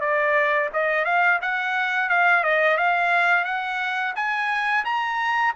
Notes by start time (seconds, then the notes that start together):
0.00 D5
0.73 D#5
1.04 F5
1.41 F#5
2.09 F5
2.43 D#5
2.77 F5
3.44 F#5
4.15 G#5
4.84 A#5